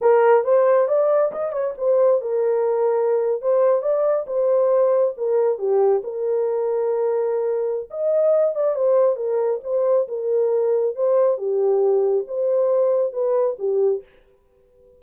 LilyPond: \new Staff \with { instrumentName = "horn" } { \time 4/4 \tempo 4 = 137 ais'4 c''4 d''4 dis''8 cis''8 | c''4 ais'2~ ais'8. c''16~ | c''8. d''4 c''2 ais'16~ | ais'8. g'4 ais'2~ ais'16~ |
ais'2 dis''4. d''8 | c''4 ais'4 c''4 ais'4~ | ais'4 c''4 g'2 | c''2 b'4 g'4 | }